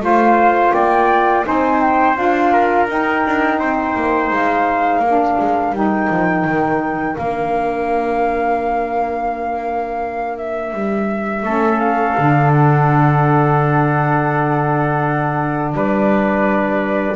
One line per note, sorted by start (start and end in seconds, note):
0.00 0.71 A3
0.00 1.43 F4
0.00 0.74 C5
0.00 0.72 F5
0.72 1.45 A#3
0.72 1.45 D5
0.72 1.44 G5
1.44 2.18 C4
1.44 2.15 D#4
1.44 2.53 C5
1.44 1.81 G#5
1.81 2.16 G5
2.16 2.88 D4
2.16 2.87 F4
2.16 2.88 F5
2.53 3.59 A#4
2.88 3.24 D#4
2.88 5.03 D#4
2.88 4.32 G5
3.26 3.59 D4
3.59 3.94 C4
3.59 5.00 C5
3.95 4.30 A#3
4.30 4.99 G#3
4.30 5.74 F5
4.99 5.35 A#3
4.99 11.43 A#4
5.07 5.74 D4
5.39 5.72 G#3
5.72 6.08 G3
5.72 7.17 D#4
5.72 7.16 G5
6.09 6.44 F3
6.44 7.15 D#3
7.16 10.73 A#3
7.16 11.45 D4
7.16 10.37 F5
10.37 11.79 E5
10.73 11.43 G3
11.43 12.14 A3
11.43 12.17 C#4
11.43 15.73 A4
11.79 12.51 F5
12.17 15.74 D3
12.17 17.16 D4
12.51 15.73 F#5
15.74 17.16 G3
15.74 17.16 B4
15.74 17.16 D5